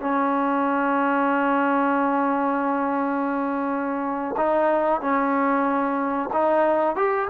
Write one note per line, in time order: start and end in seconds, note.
0.00 4.35 C#4
4.37 5.01 D#4
5.01 6.30 C#4
6.33 6.96 D#4
6.96 7.28 G4